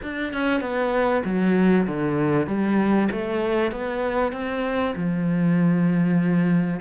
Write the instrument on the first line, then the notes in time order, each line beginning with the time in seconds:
cello
0.02 D4
0.33 C#4
0.60 B3
1.24 F#3
1.87 D3
2.46 G3
3.11 A3
3.71 B3
4.32 C4
4.95 F3